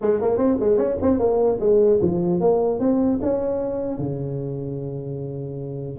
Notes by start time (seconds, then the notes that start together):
0.01 G#3
0.21 A#3
0.37 C4
0.60 G#3
0.77 C#4
1.01 C4
1.19 A#3
1.60 G#3
2.01 F3
2.40 A#3
2.79 C4
3.21 C#4
3.98 C#3